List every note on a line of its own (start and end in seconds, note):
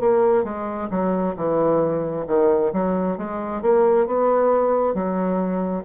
0.00 0.44 A#3
0.44 0.88 G#3
0.90 1.35 F#3
1.36 2.26 E3
2.27 2.72 D#3
2.72 3.17 F#3
3.18 3.62 G#3
3.62 4.06 A#3
4.06 4.94 B3
4.94 5.84 F#3